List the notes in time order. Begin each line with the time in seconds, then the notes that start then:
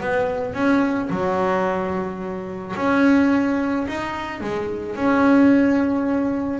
0.00 B3
0.53 C#4
1.10 F#3
2.76 C#4
3.88 D#4
4.40 G#3
4.96 C#4